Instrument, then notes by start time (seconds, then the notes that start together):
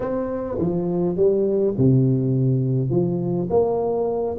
tuba
0.00 C4
0.58 F3
1.16 G3
1.77 C3
2.90 F3
3.50 A#3